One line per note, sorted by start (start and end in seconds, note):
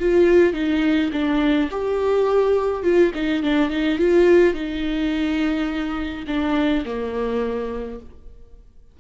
0.00 0.54 F4
0.54 1.11 D#4
1.13 1.70 D4
1.71 2.84 G4
2.84 3.12 F4
3.15 3.43 D#4
3.43 3.70 D4
3.70 3.99 D#4
3.99 4.54 F4
4.54 6.26 D#4
6.28 6.85 D4
6.86 8.00 A#3